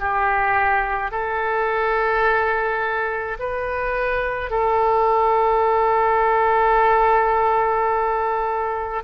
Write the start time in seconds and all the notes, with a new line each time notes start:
0.00 G4
1.12 A4
3.40 B4
4.51 A4